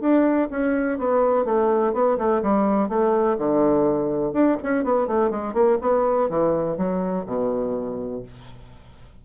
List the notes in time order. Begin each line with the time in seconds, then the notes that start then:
0.00 D4
0.50 C#4
0.98 B3
1.44 A3
1.93 B3
2.18 A3
2.42 G3
2.88 A3
3.38 D3
4.32 D4
4.62 C#4
4.84 B3
5.07 A3
5.30 G#3
5.53 A#3
5.81 B3
6.29 E3
6.77 F#3
7.25 B2